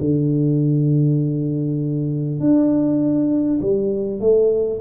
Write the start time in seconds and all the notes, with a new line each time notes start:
0.00 D3
2.41 D4
3.62 G3
4.20 A3